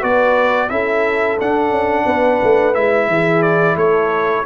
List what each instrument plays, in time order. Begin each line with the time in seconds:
0.00 tuba B3, trombone F#4, horn B4, trumpet D5
0.69 tuba C#4, trombone E4, horn A4, trumpet E5
1.40 trombone D4, tuba D4, trumpet F#5
1.70 tuba C#4
2.05 tuba B3, horn B4
2.43 tuba A3
2.74 tuba G#3, trombone E4, trumpet E5
3.08 tuba E3, horn G#4
3.42 trumpet D5
3.75 tuba A3, horn A4, trumpet C#5